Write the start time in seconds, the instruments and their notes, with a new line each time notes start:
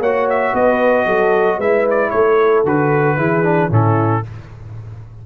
0.00 tuba A#3, trombone F#4, horn C#5, trumpet F#5
0.30 trumpet E5
0.54 tuba B3, horn B4, trumpet D#5
1.06 tuba F#3, horn A4
1.58 tuba G#3, trombone E4, horn B4, trumpet E5
1.91 trumpet D5
2.10 tuba A3, horn A4, trumpet C#5
2.65 tuba D3, trombone F#4, trumpet B4
3.18 tuba E3, trombone E4, horn G#4
3.44 trombone D4
3.70 tuba A2, trombone C#4, horn E4, trumpet A4